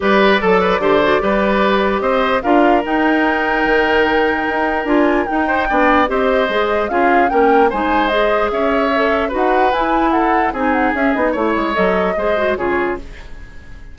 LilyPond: <<
  \new Staff \with { instrumentName = "flute" } { \time 4/4 \tempo 4 = 148 d''1~ | d''4 dis''4 f''4 g''4~ | g''1 | gis''4 g''2 dis''4~ |
dis''4 f''4 g''4 gis''4 | dis''4 e''2 fis''4 | gis''4 fis''4 gis''8 fis''8 e''8 dis''8 | cis''4 dis''2 cis''4 | }
  \new Staff \with { instrumentName = "oboe" } { \time 4/4 b'4 a'8 b'8 c''4 b'4~ | b'4 c''4 ais'2~ | ais'1~ | ais'4. c''8 d''4 c''4~ |
c''4 gis'4 ais'4 c''4~ | c''4 cis''2 b'4~ | b'4 a'4 gis'2 | cis''2 c''4 gis'4 | }
  \new Staff \with { instrumentName = "clarinet" } { \time 4/4 g'4 a'4 g'8 fis'8 g'4~ | g'2 f'4 dis'4~ | dis'1 | f'4 dis'4 d'4 g'4 |
gis'4 f'4 cis'4 dis'4 | gis'2 a'4 fis'4 | e'2 dis'4 cis'8 dis'8 | e'4 a'4 gis'8 fis'8 f'4 | }
  \new Staff \with { instrumentName = "bassoon" } { \time 4/4 g4 fis4 d4 g4~ | g4 c'4 d'4 dis'4~ | dis'4 dis2 dis'4 | d'4 dis'4 b4 c'4 |
gis4 cis'4 ais4 gis4~ | gis4 cis'2 dis'4 | e'2 c'4 cis'8 b8 | a8 gis8 fis4 gis4 cis4 | }
>>